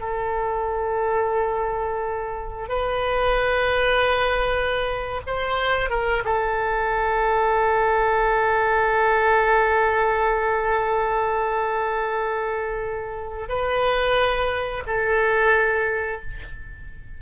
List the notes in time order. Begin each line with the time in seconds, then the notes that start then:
0.00 A4
2.69 B4
5.27 C5
5.90 A#4
6.25 A4
13.49 B4
14.87 A4